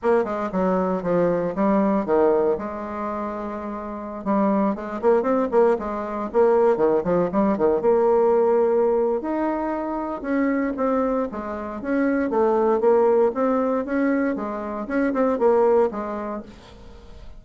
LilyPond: \new Staff \with { instrumentName = "bassoon" } { \time 4/4 \tempo 4 = 117 ais8 gis8 fis4 f4 g4 | dis4 gis2.~ | gis16 g4 gis8 ais8 c'8 ais8 gis8.~ | gis16 ais4 dis8 f8 g8 dis8 ais8.~ |
ais2 dis'2 | cis'4 c'4 gis4 cis'4 | a4 ais4 c'4 cis'4 | gis4 cis'8 c'8 ais4 gis4 | }